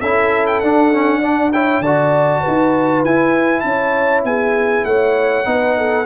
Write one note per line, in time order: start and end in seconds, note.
0.00 0.62 C#4
0.00 0.63 E4
0.00 1.20 A4
0.00 0.46 E5
0.47 0.60 G5
0.60 1.80 D4
0.60 0.93 D4
0.60 1.51 F#5
0.93 1.22 C#4
1.20 1.52 D4
1.20 1.51 D5
1.53 1.84 E4
1.53 1.82 C#5
1.53 1.82 G5
1.80 2.41 D3
1.80 3.07 F#4
1.80 2.41 D5
1.80 3.03 A5
2.41 3.62 B4
2.47 3.04 D#4
3.04 3.64 E4
3.04 5.45 E4
3.04 3.60 G#5
3.60 4.24 C#4
3.60 4.21 A5
3.67 4.27 C#5
4.24 4.85 B3
4.24 4.86 G#4
4.24 4.85 G#5
4.85 5.46 A3
4.85 5.47 C#5
4.85 6.06 F#5
5.45 6.06 B3
5.45 6.05 D#4
5.45 5.77 B4
5.77 6.06 A4